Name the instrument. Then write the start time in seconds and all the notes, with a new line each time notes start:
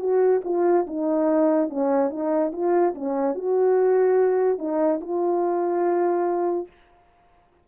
horn
0.00 F#4
0.44 F4
0.87 D#4
1.70 C#4
2.10 D#4
2.53 F4
2.95 C#4
3.35 F#4
4.59 D#4
5.01 F4